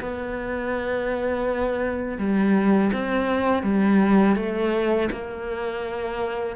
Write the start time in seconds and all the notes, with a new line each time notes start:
0.00 B3
2.18 G3
2.92 C4
3.63 G3
4.36 A3
5.11 A#3